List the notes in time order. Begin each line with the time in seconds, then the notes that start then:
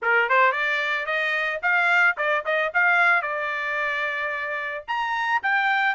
0.02 A#4
0.29 C5
0.52 D5
1.06 D#5
1.62 F5
2.17 D5
2.45 D#5
2.74 F5
3.22 D5
4.87 A#5
5.42 G5